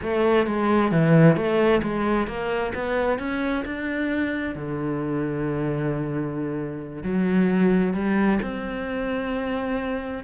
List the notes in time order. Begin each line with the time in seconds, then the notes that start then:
0.02 A3
0.46 G#3
0.91 E3
1.36 A3
1.83 G#3
2.27 A#3
2.74 B3
3.18 C#4
3.65 D4
4.55 D3
7.03 F#3
7.93 G3
8.42 C4